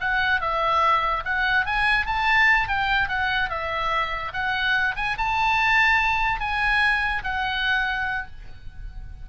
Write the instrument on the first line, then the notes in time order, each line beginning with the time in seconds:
oboe
0.00 F#5
0.41 E5
1.25 F#5
1.65 G#5
2.06 A5
2.68 G5
3.08 F#5
3.49 E5
4.33 F#5
4.96 G#5
5.17 A5
6.40 G#5
7.23 F#5